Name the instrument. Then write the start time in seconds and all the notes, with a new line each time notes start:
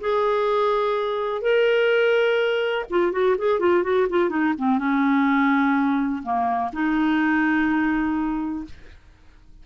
clarinet
0.00 G#4
1.41 A#4
2.90 F4
3.12 F#4
3.37 G#4
3.59 F4
3.83 F#4
4.09 F4
4.29 D#4
4.58 C4
4.78 C#4
6.23 A#3
6.72 D#4